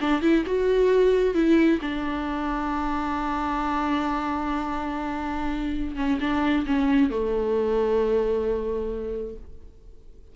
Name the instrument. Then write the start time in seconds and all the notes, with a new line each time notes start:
viola
0.00 D4
0.21 E4
0.46 F#4
1.34 E4
1.81 D4
5.96 C#4
6.20 D4
6.66 C#4
7.09 A3